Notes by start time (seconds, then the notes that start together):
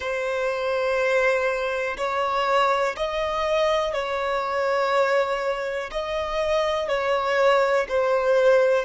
0.00 C5
1.97 C#5
2.96 D#5
3.93 C#5
5.91 D#5
6.88 C#5
7.88 C5